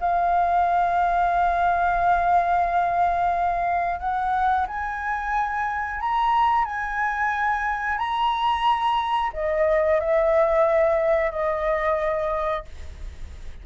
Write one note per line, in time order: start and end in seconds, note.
0.00 4.00 F5
4.00 4.66 F#5
4.68 6.00 G#5
6.00 6.65 A#5
6.65 7.98 G#5
7.98 9.32 A#5
9.33 10.00 D#5
10.00 11.31 E5
11.31 12.65 D#5